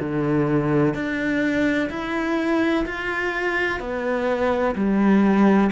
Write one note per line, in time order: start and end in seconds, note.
0.00 0.94 D3
0.94 1.90 D4
1.90 2.85 E4
2.86 3.80 F4
3.80 4.75 B3
4.75 5.71 G3